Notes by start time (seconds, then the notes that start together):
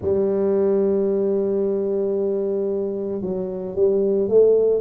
0.01 G3
3.21 F#3
3.75 G3
4.28 A3